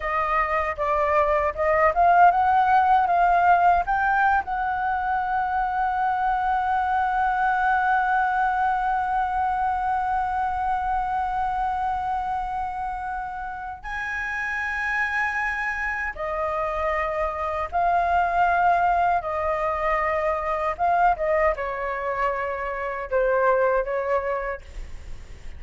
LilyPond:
\new Staff \with { instrumentName = "flute" } { \time 4/4 \tempo 4 = 78 dis''4 d''4 dis''8 f''8 fis''4 | f''4 g''8. fis''2~ fis''16~ | fis''1~ | fis''1~ |
fis''2 gis''2~ | gis''4 dis''2 f''4~ | f''4 dis''2 f''8 dis''8 | cis''2 c''4 cis''4 | }